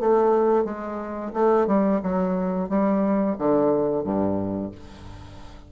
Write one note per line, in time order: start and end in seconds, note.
0.00 0.65 A3
0.65 1.32 G#3
1.33 1.67 A3
1.67 2.01 G3
2.03 2.69 F#3
2.69 3.36 G3
3.38 4.04 D3
4.04 4.71 G2